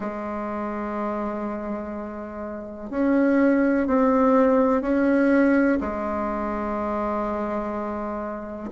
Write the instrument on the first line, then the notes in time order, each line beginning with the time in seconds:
bassoon
0.00 G#3
2.90 C#4
3.87 C4
4.81 C#4
5.80 G#3